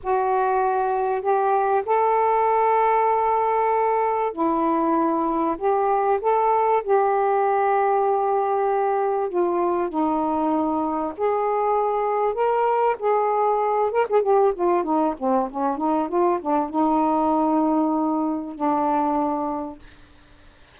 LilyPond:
\new Staff \with { instrumentName = "saxophone" } { \time 4/4 \tempo 4 = 97 fis'2 g'4 a'4~ | a'2. e'4~ | e'4 g'4 a'4 g'4~ | g'2. f'4 |
dis'2 gis'2 | ais'4 gis'4. ais'16 gis'16 g'8 f'8 | dis'8 c'8 cis'8 dis'8 f'8 d'8 dis'4~ | dis'2 d'2 | }